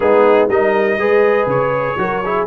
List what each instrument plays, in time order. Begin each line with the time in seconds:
0.00 tuba G#3, trombone B3, horn D#4, trumpet G#4
0.48 tuba G3, trombone D#4, horn A#4, trumpet D#5
0.98 tuba G#3, trombone G#4, horn B4
1.46 tuba C#3, trumpet C#5
1.98 tuba F#3, trombone F#4, horn A#4
2.24 trombone E4, horn G#4